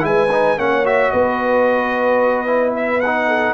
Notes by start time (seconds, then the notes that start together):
0.00 G#3 E4 B4 G#5
0.32 D#4
0.57 A#3 C#4 C#5 F#5
0.85 F#4 E5
1.11 B3 B4 D#5
2.46 E4
2.76 E5
3.01 D#4 F#5
3.27 A4